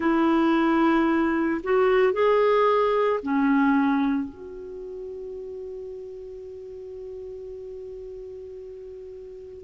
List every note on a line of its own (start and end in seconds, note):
0.00 1.61 E4
1.63 2.12 F#4
2.12 3.19 G#4
3.22 4.29 C#4
4.29 9.64 F#4